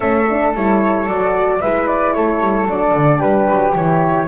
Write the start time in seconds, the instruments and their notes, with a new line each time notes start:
0.00 double bass A3, horn C#4, flute A4 E5
0.29 horn D4
0.54 double bass G3, horn E4, flute C#5
1.06 double bass F#3, horn F#4, flute D5
1.60 double bass G#3, horn E4, flute B4 E5
1.87 flute D5
2.13 double bass A3, flute A4 C#5
2.40 double bass G3
2.65 double bass F#3, horn D4, flute D5
2.94 double bass D3
3.18 double bass G3, flute G4 B4
3.50 double bass F#3
3.74 double bass E3, horn E4, flute C#5